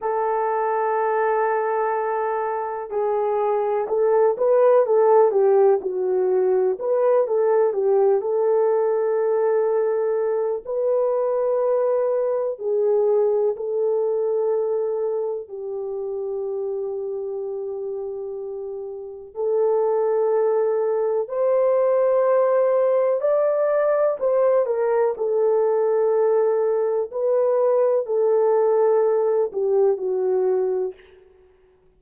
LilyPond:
\new Staff \with { instrumentName = "horn" } { \time 4/4 \tempo 4 = 62 a'2. gis'4 | a'8 b'8 a'8 g'8 fis'4 b'8 a'8 | g'8 a'2~ a'8 b'4~ | b'4 gis'4 a'2 |
g'1 | a'2 c''2 | d''4 c''8 ais'8 a'2 | b'4 a'4. g'8 fis'4 | }